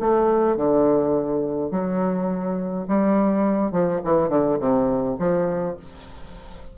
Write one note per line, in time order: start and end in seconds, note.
0.00 0.57 A3
0.57 1.72 D3
1.72 2.87 F#3
2.88 3.72 G3
3.72 4.01 F3
4.05 4.30 E3
4.30 4.58 D3
4.60 5.17 C3
5.19 5.77 F3